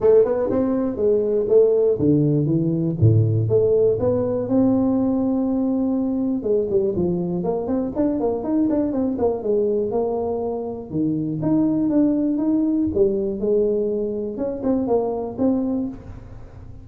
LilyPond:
\new Staff \with { instrumentName = "tuba" } { \time 4/4 \tempo 4 = 121 a8 b8 c'4 gis4 a4 | d4 e4 a,4 a4 | b4 c'2.~ | c'4 gis8 g8 f4 ais8 c'8 |
d'8 ais8 dis'8 d'8 c'8 ais8 gis4 | ais2 dis4 dis'4 | d'4 dis'4 g4 gis4~ | gis4 cis'8 c'8 ais4 c'4 | }